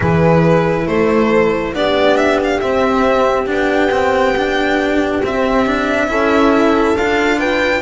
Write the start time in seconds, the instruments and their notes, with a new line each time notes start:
0.00 double bass E3, cello E4, horn G#4, violin B4
0.86 double bass A3, horn A4, violin C5
1.73 double bass B3, cello D4, horn G4, violin D5
2.16 violin E5
2.43 violin F5
2.60 double bass C4, cello C4, violin E5
3.46 double bass B3, cello D4, violin G5
3.91 cello C4
4.36 cello D4
5.22 cello C4, double bass C4, violin E5
5.66 cello D4
6.07 double bass C#4, cello E4, horn A4
6.95 double bass D4, cello F4, violin F5
7.39 horn B4, violin G5